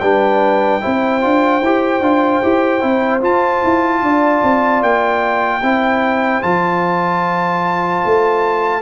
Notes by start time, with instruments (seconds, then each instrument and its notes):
0.00 tuba G3, trombone D4, horn B4, trumpet G5
0.81 tuba C4, trombone E4, horn C5
1.21 tuba D4, trombone F4
1.61 tuba E4, trombone G4
2.00 tuba D4, trombone F4
2.43 tuba E4, trombone G4
2.81 tuba C4, trombone E4
3.21 trombone F4, tuba F4, trumpet A5
3.64 tuba E4
4.02 tuba D4, horn D5
4.43 tuba C4
4.82 tuba A#3, trumpet G5
5.62 tuba C4, trombone E4, horn C5
6.42 tuba F3, trombone F4, trumpet A5
8.05 tuba A3